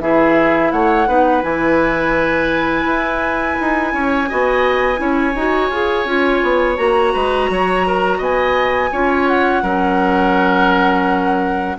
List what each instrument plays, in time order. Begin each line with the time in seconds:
0.00 bassoon E3, clarinet E4, oboe G#4, flute E5
0.71 bassoon A3, oboe C#5, flute F#5
1.07 bassoon B3, clarinet D#4, oboe B4
1.42 bassoon E3, clarinet E4, flute G#5
2.85 bassoon E4
3.61 bassoon D#4
3.93 bassoon C#4, oboe C#5
4.29 bassoon B3, clarinet F#4, oboe D#5
4.96 bassoon C#4, clarinet E4, oboe C#5
5.35 bassoon D#4, clarinet F#4
5.70 bassoon F4, clarinet G#4
6.05 bassoon C#4, clarinet F4
6.43 bassoon B3
6.76 bassoon A#3, clarinet F#4, flute A#5
7.14 bassoon G#3, oboe B4
7.50 bassoon F#3, oboe C#5
7.87 oboe A#4
8.18 bassoon B3, oboe D#5, flute G#5
8.92 bassoon C#4, clarinet F4, oboe C#5
9.27 flute F#5
9.62 bassoon F#3, clarinet C#4, oboe A#4